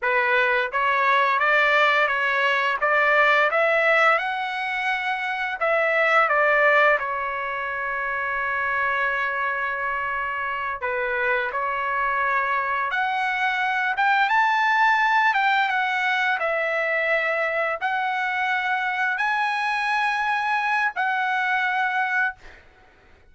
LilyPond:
\new Staff \with { instrumentName = "trumpet" } { \time 4/4 \tempo 4 = 86 b'4 cis''4 d''4 cis''4 | d''4 e''4 fis''2 | e''4 d''4 cis''2~ | cis''2.~ cis''8 b'8~ |
b'8 cis''2 fis''4. | g''8 a''4. g''8 fis''4 e''8~ | e''4. fis''2 gis''8~ | gis''2 fis''2 | }